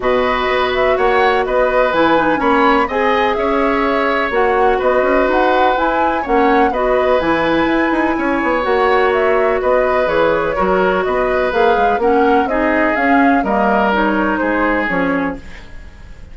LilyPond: <<
  \new Staff \with { instrumentName = "flute" } { \time 4/4 \tempo 4 = 125 dis''4. e''8 fis''4 dis''4 | gis''4 b''4 gis''4 e''4~ | e''4 fis''4 dis''4 fis''4 | gis''4 fis''4 dis''4 gis''4~ |
gis''2 fis''4 e''4 | dis''4 cis''2 dis''4 | f''4 fis''4 dis''4 f''4 | dis''4 cis''4 c''4 cis''4 | }
  \new Staff \with { instrumentName = "oboe" } { \time 4/4 b'2 cis''4 b'4~ | b'4 cis''4 dis''4 cis''4~ | cis''2 b'2~ | b'4 cis''4 b'2~ |
b'4 cis''2. | b'2 ais'4 b'4~ | b'4 ais'4 gis'2 | ais'2 gis'2 | }
  \new Staff \with { instrumentName = "clarinet" } { \time 4/4 fis'1 | e'8 dis'8 cis'4 gis'2~ | gis'4 fis'2. | e'4 cis'4 fis'4 e'4~ |
e'2 fis'2~ | fis'4 gis'4 fis'2 | gis'4 cis'4 dis'4 cis'4 | ais4 dis'2 cis'4 | }
  \new Staff \with { instrumentName = "bassoon" } { \time 4/4 b,4 b4 ais4 b4 | e4 ais4 c'4 cis'4~ | cis'4 ais4 b8 cis'8 dis'4 | e'4 ais4 b4 e4 |
e'8 dis'8 cis'8 b8 ais2 | b4 e4 fis4 b4 | ais8 gis8 ais4 c'4 cis'4 | g2 gis4 f4 | }
>>